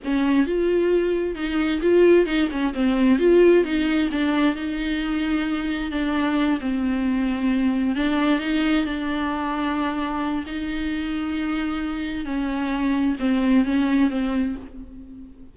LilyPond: \new Staff \with { instrumentName = "viola" } { \time 4/4 \tempo 4 = 132 cis'4 f'2 dis'4 | f'4 dis'8 cis'8 c'4 f'4 | dis'4 d'4 dis'2~ | dis'4 d'4. c'4.~ |
c'4. d'4 dis'4 d'8~ | d'2. dis'4~ | dis'2. cis'4~ | cis'4 c'4 cis'4 c'4 | }